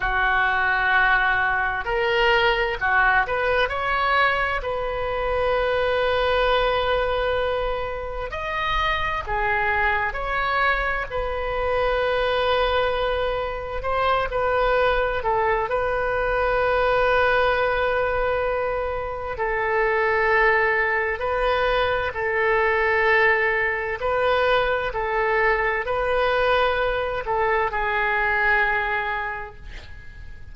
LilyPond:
\new Staff \with { instrumentName = "oboe" } { \time 4/4 \tempo 4 = 65 fis'2 ais'4 fis'8 b'8 | cis''4 b'2.~ | b'4 dis''4 gis'4 cis''4 | b'2. c''8 b'8~ |
b'8 a'8 b'2.~ | b'4 a'2 b'4 | a'2 b'4 a'4 | b'4. a'8 gis'2 | }